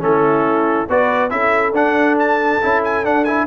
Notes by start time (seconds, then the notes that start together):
0.00 A3 C#4 E4 A4
0.89 B3 F#4 B4 D5
1.30 C#4 E4 A4 E5
1.72 D4 F#5
2.19 A5
2.62 C#4 E4
2.84 G#5
3.04 D4 F#5
3.24 E4 G#5